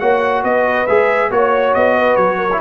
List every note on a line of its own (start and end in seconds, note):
0.00 0.44 A#3
0.00 0.88 F#4
0.00 0.44 C#5
0.00 0.43 F#5
0.44 0.87 B3
0.44 1.31 B4
0.44 0.87 D#5
0.87 1.31 G#3
0.87 1.31 G#4
0.87 1.31 E5
1.31 1.75 A#3
1.31 2.51 F#4
1.31 1.96 C#5
1.31 1.75 C#5
1.75 2.17 B3
1.75 2.16 D#5
1.96 2.37 B4
2.16 2.61 F#3
2.16 2.60 C#5
2.37 2.59 A#4
2.52 2.62 E4